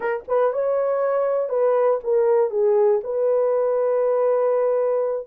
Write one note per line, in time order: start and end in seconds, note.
0.00 0.23 A#4
0.28 0.52 B4
0.52 1.49 C#5
1.49 1.99 B4
2.03 2.50 A#4
2.50 3.00 G#4
3.03 5.27 B4